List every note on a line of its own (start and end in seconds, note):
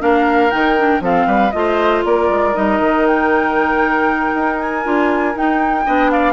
0.00 0.52 A#3
0.00 0.51 D4
0.00 1.03 A#4
0.00 0.51 F5
0.51 1.00 D#3
0.51 0.76 D#4
0.51 1.01 G5
0.78 1.01 D4
1.00 1.26 F3
1.00 1.52 C4
1.00 1.27 A4
1.00 1.51 F5
1.27 1.52 G3
1.27 1.53 B4
1.51 2.04 A3
1.51 2.54 F4
1.51 2.02 D#5
1.58 2.05 C5
2.04 2.29 A#3
2.04 5.85 A#4
2.04 2.55 D5
2.29 2.55 G#3
2.54 2.80 G3
2.54 4.83 D#4
2.54 3.06 D#5
2.80 4.32 D#3
3.07 4.60 G5
4.35 4.85 D#4
4.60 5.36 G#5
4.84 5.35 D4
4.84 5.35 F4
5.35 5.86 D#4
5.35 5.85 D#4
5.35 6.11 G5
5.85 6.33 B3
5.85 6.33 D4
5.85 6.11 D#5
6.11 6.33 D5
6.11 6.33 F5